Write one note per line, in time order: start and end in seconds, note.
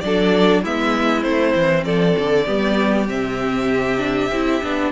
0.00 0.64 F#3
0.00 0.65 D4
0.00 0.62 A4
0.00 0.61 D5
0.62 1.24 G#3
0.62 1.22 B3
0.62 1.85 E4
0.62 1.22 E5
1.22 1.54 A3
1.22 2.44 C4
1.22 1.84 C5
1.55 1.85 E3
1.85 2.15 F3
1.85 2.46 A4
1.85 3.07 D5
2.17 2.47 D3
2.45 3.09 G3
2.45 3.06 B3
2.45 4.91 G4
3.08 4.30 C3
3.08 3.97 C4
3.08 4.92 E5
3.97 4.28 D4
4.30 4.61 C4
4.30 4.62 E4
4.62 4.92 B3
4.62 4.92 D4